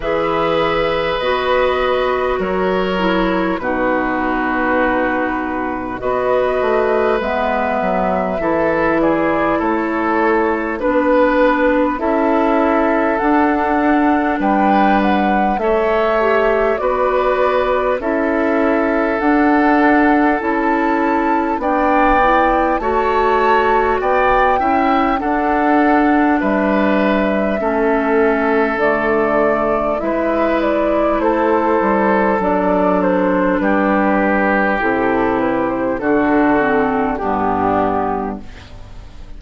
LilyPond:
<<
  \new Staff \with { instrumentName = "flute" } { \time 4/4 \tempo 4 = 50 e''4 dis''4 cis''4 b'4~ | b'4 dis''4 e''4. d''8 | cis''4 b'4 e''4 fis''4 | g''8 fis''8 e''4 d''4 e''4 |
fis''4 a''4 g''4 a''4 | g''4 fis''4 e''2 | d''4 e''8 d''8 c''4 d''8 c''8 | b'4 a'8 b'16 c''16 a'4 g'4 | }
  \new Staff \with { instrumentName = "oboe" } { \time 4/4 b'2 ais'4 fis'4~ | fis'4 b'2 a'8 gis'8 | a'4 b'4 a'2 | b'4 cis''4 b'4 a'4~ |
a'2 d''4 cis''4 | d''8 e''8 a'4 b'4 a'4~ | a'4 b'4 a'2 | g'2 fis'4 d'4 | }
  \new Staff \with { instrumentName = "clarinet" } { \time 4/4 gis'4 fis'4. e'8 dis'4~ | dis'4 fis'4 b4 e'4~ | e'4 d'4 e'4 d'4~ | d'4 a'8 g'8 fis'4 e'4 |
d'4 e'4 d'8 e'8 fis'4~ | fis'8 e'8 d'2 cis'4 | a4 e'2 d'4~ | d'4 e'4 d'8 c'8 b4 | }
  \new Staff \with { instrumentName = "bassoon" } { \time 4/4 e4 b4 fis4 b,4~ | b,4 b8 a8 gis8 fis8 e4 | a4 b4 cis'4 d'4 | g4 a4 b4 cis'4 |
d'4 cis'4 b4 a4 | b8 cis'8 d'4 g4 a4 | d4 gis4 a8 g8 fis4 | g4 c4 d4 g,4 | }
>>